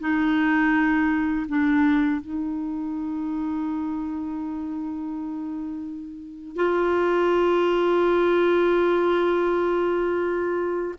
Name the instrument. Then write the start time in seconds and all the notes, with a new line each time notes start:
clarinet
0.00 D#4
1.48 D4
2.21 D#4
6.56 F4